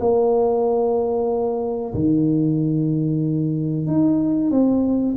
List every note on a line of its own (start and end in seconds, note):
0.00 1.94 A#3
1.94 3.87 D#3
3.87 4.51 D#4
4.51 5.15 C4